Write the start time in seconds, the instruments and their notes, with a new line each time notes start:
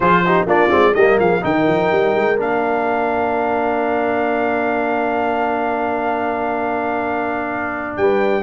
0.00 tuba F3, trombone F4, horn G#4, trumpet C5
0.25 trombone D#4, horn G4
0.45 tuba A#3, trombone D4, horn F4, trumpet D5
0.69 tuba G#3, trombone C4
0.94 tuba G3, trombone A#3, horn G4, trumpet D#5
1.19 tuba F3, horn G#4, trumpet F5
1.41 tuba D#3, trombone D#4, horn A#4, trumpet G5
1.67 tuba F3
1.91 tuba G3
2.15 tuba G#3
2.36 tuba A#3, trombone D4, trumpet F5
7.97 tuba G3, horn B4, trumpet G5